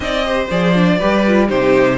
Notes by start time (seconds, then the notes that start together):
0.00 C4 D#4 D5 D#5
0.24 G4 C5
0.50 F3 G#4 D5
0.74 D4
0.98 G3 G4 B4
1.27 F4
1.48 C3 D#4 G4 C5